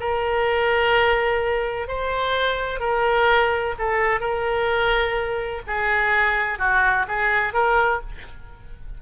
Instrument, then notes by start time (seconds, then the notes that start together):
oboe
0.00 A#4
1.88 C5
2.80 A#4
3.79 A4
4.20 A#4
5.68 G#4
6.59 F#4
7.08 G#4
7.54 A#4